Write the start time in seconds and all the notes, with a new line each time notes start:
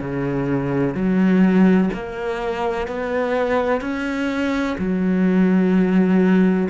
0.00 C#3
0.94 F#3
1.93 A#3
2.87 B3
3.81 C#4
4.78 F#3